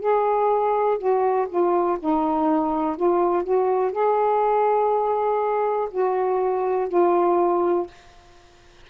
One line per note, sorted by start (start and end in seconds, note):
0.00 0.98 G#4
0.98 1.48 F#4
1.49 1.98 F4
2.00 2.96 D#4
2.96 3.44 F4
3.44 3.93 F#4
3.93 5.89 G#4
5.91 6.89 F#4
6.89 7.87 F4